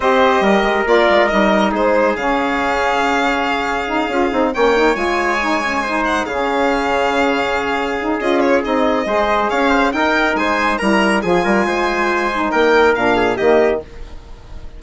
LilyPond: <<
  \new Staff \with { instrumentName = "violin" } { \time 4/4 \tempo 4 = 139 dis''2 d''4 dis''4 | c''4 f''2.~ | f''2~ f''8 g''4 gis''8~ | gis''2 fis''8 f''4.~ |
f''2. dis''8 cis''8 | dis''2 f''4 g''4 | gis''4 ais''4 gis''2~ | gis''4 g''4 f''4 dis''4 | }
  \new Staff \with { instrumentName = "trumpet" } { \time 4/4 c''4 ais'2. | gis'1~ | gis'2~ gis'8 cis''4.~ | cis''4. c''4 gis'4.~ |
gis'1~ | gis'4 c''4 cis''8 c''8 ais'4 | c''4 ais'4 gis'8 ais'8 c''4~ | c''4 ais'4. gis'8 g'4 | }
  \new Staff \with { instrumentName = "saxophone" } { \time 4/4 g'2 f'4 dis'4~ | dis'4 cis'2.~ | cis'4 dis'8 f'8 dis'8 cis'8 dis'8 f'8~ | f'8 dis'8 cis'8 dis'4 cis'4.~ |
cis'2~ cis'8 dis'8 f'4 | dis'4 gis'2 dis'4~ | dis'4 e'4 f'2~ | f'8 dis'4. d'4 ais4 | }
  \new Staff \with { instrumentName = "bassoon" } { \time 4/4 c'4 g8 gis8 ais8 gis8 g4 | gis4 cis2.~ | cis4. cis'8 c'8 ais4 gis8~ | gis2~ gis8 cis4.~ |
cis2. cis'4 | c'4 gis4 cis'4 dis'4 | gis4 g4 f8 g8 gis4~ | gis4 ais4 ais,4 dis4 | }
>>